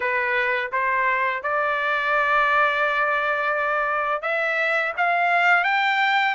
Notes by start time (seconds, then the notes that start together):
0.00 B4
0.72 C5
1.42 D5
4.22 E5
4.97 F5
5.64 G5